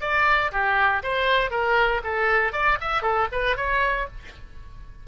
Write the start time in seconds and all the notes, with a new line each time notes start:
0.00 D5
0.51 G4
1.03 C5
1.50 A#4
2.03 A4
2.52 D5
2.80 E5
3.02 A4
3.31 B4
3.56 C#5